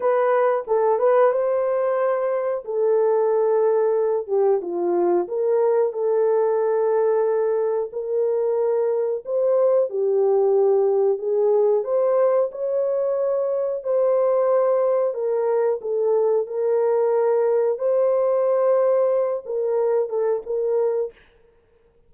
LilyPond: \new Staff \with { instrumentName = "horn" } { \time 4/4 \tempo 4 = 91 b'4 a'8 b'8 c''2 | a'2~ a'8 g'8 f'4 | ais'4 a'2. | ais'2 c''4 g'4~ |
g'4 gis'4 c''4 cis''4~ | cis''4 c''2 ais'4 | a'4 ais'2 c''4~ | c''4. ais'4 a'8 ais'4 | }